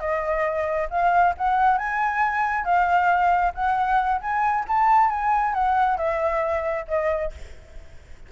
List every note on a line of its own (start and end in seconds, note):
0.00 0.88 D#5
0.90 1.35 F5
1.38 1.78 F#5
1.78 2.65 G#5
2.65 3.53 F5
3.55 4.21 F#5
4.21 4.65 G#5
4.68 5.10 A5
5.10 5.54 G#5
5.54 5.98 F#5
5.98 6.86 E5
6.88 7.32 D#5